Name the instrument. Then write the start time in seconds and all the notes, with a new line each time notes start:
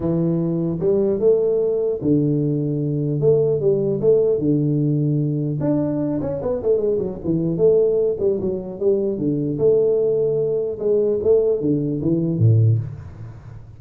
tuba
0.00 E3
0.79 G3
1.19 A3
2.01 D3
3.20 A3
3.60 G3
4.00 A3
4.39 D3
5.60 D4
6.21 C#4
6.41 B3
6.62 A3
6.77 G#3
6.98 F#3
7.24 E3
7.57 A3
8.19 G3
8.40 F#3
8.79 G3
9.18 D3
9.58 A3
10.79 G#3
11.23 A3
11.61 D3
12.01 E3
12.38 A2